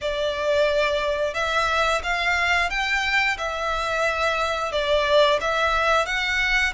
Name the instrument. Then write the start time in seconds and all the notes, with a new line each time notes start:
violin
0.01 D5
1.34 E5
2.03 F5
2.70 G5
3.37 E5
4.72 D5
5.41 E5
6.06 F#5